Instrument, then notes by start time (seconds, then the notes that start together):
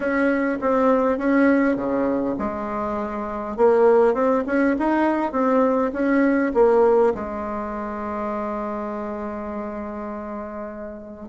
bassoon
0.00 C#4
0.61 C4
1.17 C#4
1.76 C#3
2.38 G#3
3.56 A#3
4.13 C4
4.46 C#4
4.78 D#4
5.32 C4
5.92 C#4
6.54 A#3
7.14 G#3